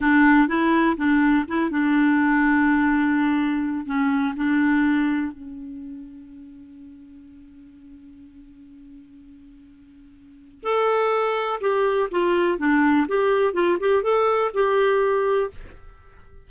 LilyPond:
\new Staff \with { instrumentName = "clarinet" } { \time 4/4 \tempo 4 = 124 d'4 e'4 d'4 e'8 d'8~ | d'1 | cis'4 d'2 cis'4~ | cis'1~ |
cis'1~ | cis'2 a'2 | g'4 f'4 d'4 g'4 | f'8 g'8 a'4 g'2 | }